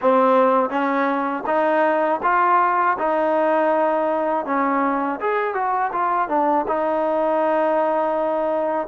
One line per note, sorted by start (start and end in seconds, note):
0.01 0.69 C4
0.69 1.43 C#4
1.46 2.20 D#4
2.23 2.97 F4
2.98 4.45 D#4
4.45 5.19 C#4
5.20 5.54 G#4
5.54 5.91 F#4
5.92 6.28 F4
6.28 6.65 D4
6.67 8.87 D#4